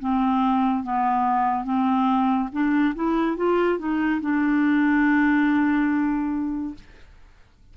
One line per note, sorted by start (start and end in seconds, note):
0.00 0.84 C4
0.84 1.65 B3
1.65 2.49 C4
2.52 2.95 D4
2.95 3.37 E4
3.37 3.79 F4
3.79 4.21 D#4
4.21 6.75 D4